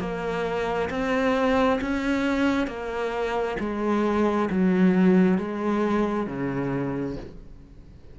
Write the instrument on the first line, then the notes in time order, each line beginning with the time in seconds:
cello
0.00 A#3
0.90 C4
1.82 C#4
2.67 A#3
3.60 G#3
4.50 F#3
5.38 G#3
6.27 C#3